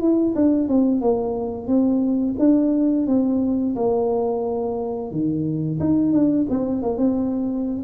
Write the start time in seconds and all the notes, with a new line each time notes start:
0.00 E4
0.35 D4
0.68 C4
1.00 A#3
1.67 C4
2.39 D4
3.07 C4
3.75 A#3
5.11 D#3
5.80 D#4
6.12 D4
6.50 C4
6.82 A#3
6.98 C4